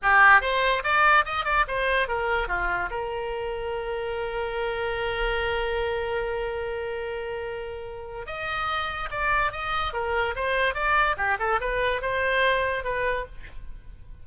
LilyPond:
\new Staff \with { instrumentName = "oboe" } { \time 4/4 \tempo 4 = 145 g'4 c''4 d''4 dis''8 d''8 | c''4 ais'4 f'4 ais'4~ | ais'1~ | ais'1~ |
ais'1 | dis''2 d''4 dis''4 | ais'4 c''4 d''4 g'8 a'8 | b'4 c''2 b'4 | }